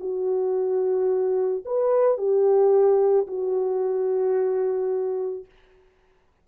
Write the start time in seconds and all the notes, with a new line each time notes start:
0.00 F#4
1.65 B4
2.18 G4
3.27 F#4